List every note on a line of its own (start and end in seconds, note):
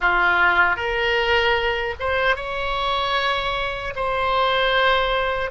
0.00 0.76 F4
0.76 1.94 A#4
2.00 2.35 C5
2.35 3.93 C#5
3.95 5.50 C5